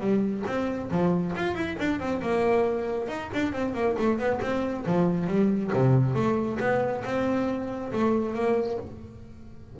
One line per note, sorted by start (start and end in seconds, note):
0.00 0.44 G3
0.47 0.91 C4
0.91 1.35 F3
1.36 1.55 F4
1.55 1.77 E4
1.80 2.00 D4
2.00 2.22 C4
2.22 3.09 A#3
3.09 3.30 D#4
3.34 3.53 D4
3.53 3.74 C4
3.74 3.96 A#3
3.99 4.18 A3
4.18 4.40 B3
4.42 4.85 C4
4.86 5.27 F3
5.27 5.71 G3
5.74 6.15 C3
6.15 6.59 A3
6.60 7.04 B3
7.05 7.92 C4
7.93 8.35 A3
8.35 8.78 A#3